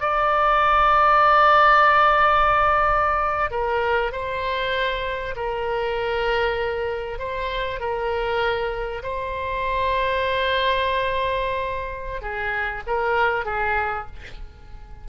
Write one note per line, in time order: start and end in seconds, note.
0.00 3.51 D5
3.51 4.12 A#4
4.12 5.35 C5
5.36 7.19 A#4
7.19 7.80 C5
7.80 9.03 A#4
9.03 12.21 C5
12.21 12.83 G#4
12.87 13.45 A#4
13.45 14.06 G#4